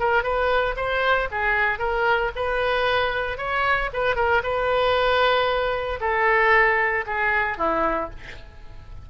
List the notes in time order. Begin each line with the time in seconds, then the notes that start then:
0.00 A#4
0.23 B4
0.76 C5
1.32 G#4
1.79 A#4
2.36 B4
3.38 C#5
3.93 B4
4.16 A#4
4.43 B4
6.01 A4
7.07 G#4
7.58 E4